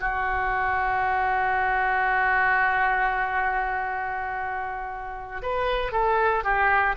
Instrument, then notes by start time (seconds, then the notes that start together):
oboe
0.00 F#4
5.42 B4
5.92 A4
6.43 G4